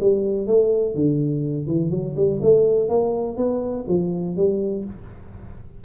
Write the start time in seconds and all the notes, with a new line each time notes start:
0.00 G3
0.47 A3
0.95 D3
1.67 E3
1.90 F#3
2.16 G3
2.42 A3
2.89 A#3
3.37 B3
3.88 F3
4.36 G3